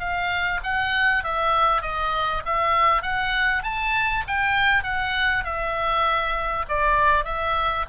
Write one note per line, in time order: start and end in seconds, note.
0.00 0.61 F5
0.64 1.24 F#5
1.24 1.82 E5
1.82 2.43 D#5
2.46 3.03 E5
3.03 3.63 F#5
3.64 4.24 A5
4.28 4.84 G5
4.84 5.45 F#5
5.45 6.66 E5
6.69 7.25 D5
7.25 7.86 E5